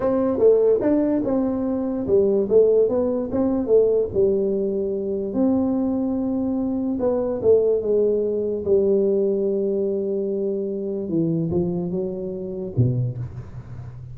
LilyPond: \new Staff \with { instrumentName = "tuba" } { \time 4/4 \tempo 4 = 146 c'4 a4 d'4 c'4~ | c'4 g4 a4 b4 | c'4 a4 g2~ | g4 c'2.~ |
c'4 b4 a4 gis4~ | gis4 g2.~ | g2. e4 | f4 fis2 b,4 | }